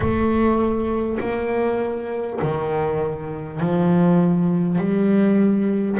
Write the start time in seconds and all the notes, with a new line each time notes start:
0.00 A3
1.19 A#3
2.42 D#3
3.59 F3
4.77 G3